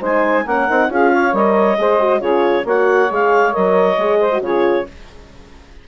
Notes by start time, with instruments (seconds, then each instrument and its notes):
0.00 bassoon G#3, horn D#4, saxophone C5, clarinet G#5
0.44 bassoon A#3, horn C#4, saxophone A#4, clarinet F#5
0.68 bassoon C4, horn D#4
0.89 bassoon C#4, horn F4, saxophone G#4, clarinet F5
1.12 saxophone C#5
1.33 bassoon G3, horn A#4, clarinet D#5
1.78 bassoon G#3, horn G#4, saxophone C5
2.00 horn F#4
2.20 bassoon C#3, horn F4, saxophone G#4, clarinet C#5
2.65 bassoon A#3, horn F#4, saxophone C#5, clarinet F#5
3.10 bassoon G#3, horn G#4, clarinet F5
3.52 bassoon F#3, horn A#4, clarinet D#5
3.98 bassoon G#3, horn G#4
4.20 saxophone C5
4.32 horn F#4
4.41 bassoon C#3, horn F4, saxophone G#4, clarinet C#5